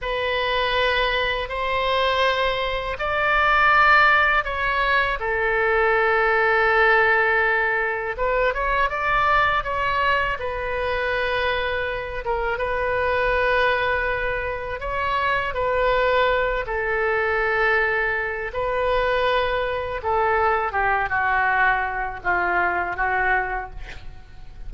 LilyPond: \new Staff \with { instrumentName = "oboe" } { \time 4/4 \tempo 4 = 81 b'2 c''2 | d''2 cis''4 a'4~ | a'2. b'8 cis''8 | d''4 cis''4 b'2~ |
b'8 ais'8 b'2. | cis''4 b'4. a'4.~ | a'4 b'2 a'4 | g'8 fis'4. f'4 fis'4 | }